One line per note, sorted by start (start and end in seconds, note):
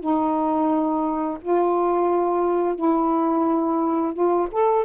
0.00 1.38 D#4
1.41 2.76 F4
2.76 4.13 E4
4.13 4.48 F4
4.51 4.85 A4